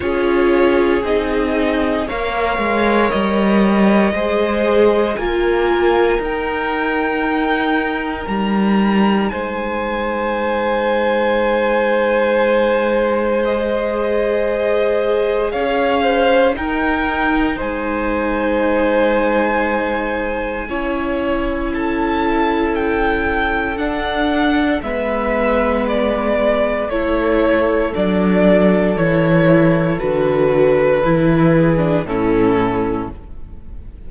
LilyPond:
<<
  \new Staff \with { instrumentName = "violin" } { \time 4/4 \tempo 4 = 58 cis''4 dis''4 f''4 dis''4~ | dis''4 gis''4 g''2 | ais''4 gis''2.~ | gis''4 dis''2 f''4 |
g''4 gis''2.~ | gis''4 a''4 g''4 fis''4 | e''4 d''4 cis''4 d''4 | cis''4 b'2 a'4 | }
  \new Staff \with { instrumentName = "violin" } { \time 4/4 gis'2 cis''2 | c''4 ais'2.~ | ais'4 c''2.~ | c''2. cis''8 c''8 |
ais'4 c''2. | cis''4 a'2. | b'2 a'2~ | a'2~ a'8 gis'8 e'4 | }
  \new Staff \with { instrumentName = "viola" } { \time 4/4 f'4 dis'4 ais'2 | gis'4 f'4 dis'2~ | dis'1~ | dis'4 gis'2. |
dis'1 | e'2. d'4 | b2 e'4 d'4 | e'4 fis'4 e'8. d'16 cis'4 | }
  \new Staff \with { instrumentName = "cello" } { \time 4/4 cis'4 c'4 ais8 gis8 g4 | gis4 ais4 dis'2 | g4 gis2.~ | gis2. cis'4 |
dis'4 gis2. | cis'2. d'4 | gis2 a4 fis4 | e4 d4 e4 a,4 | }
>>